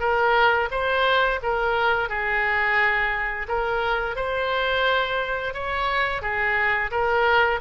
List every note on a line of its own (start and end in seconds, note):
0.00 0.69 A#4
0.71 1.40 C5
1.43 2.09 A#4
2.09 3.47 G#4
3.48 4.16 A#4
4.16 5.54 C5
5.54 6.22 C#5
6.22 6.91 G#4
6.91 7.60 A#4